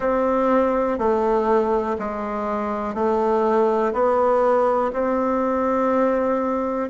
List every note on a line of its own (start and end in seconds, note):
0.00 0.98 C4
0.98 1.97 A3
1.99 2.94 G#3
2.94 3.93 A3
3.93 4.91 B3
4.92 6.89 C4